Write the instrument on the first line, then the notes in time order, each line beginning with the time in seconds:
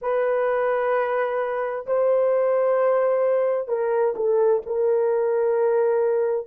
horn
0.01 B4
1.86 C5
3.68 A#4
4.15 A4
4.66 A#4